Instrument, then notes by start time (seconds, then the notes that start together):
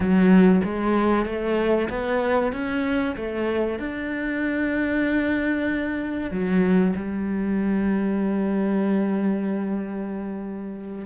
cello
0.00 F#3
0.64 G#3
1.25 A3
1.89 B3
2.52 C#4
3.16 A3
3.79 D4
6.30 F#3
6.95 G3